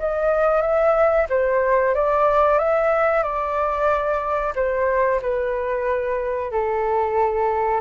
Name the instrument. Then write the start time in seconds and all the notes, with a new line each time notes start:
flute
0.00 D#5
0.62 E5
1.30 C5
1.95 D5
2.59 E5
3.24 D5
4.56 C5
5.22 B4
6.52 A4